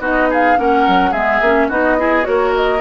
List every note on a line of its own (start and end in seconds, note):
0.00 0.56 B3
0.00 0.57 D#4
0.00 0.29 F#4
0.00 0.32 D#5
0.30 0.59 G#4
0.30 0.59 F5
0.57 0.87 A#3
0.57 1.13 C#4
0.57 1.11 A#4
0.57 1.13 F#5
0.88 1.13 F#3
1.11 1.41 G#3
1.11 1.44 B3
1.11 1.68 G#4
1.11 1.69 E5
1.41 1.70 A#3
1.41 1.71 C#4
1.69 2.26 B3
1.69 1.99 D#4
1.69 1.97 F#4
1.69 2.25 D#5
1.99 2.23 E4
1.99 2.28 G#4
2.23 2.81 A#3
2.23 2.79 F#4
2.23 2.81 A#4
2.23 2.53 C#5
2.56 2.81 D#5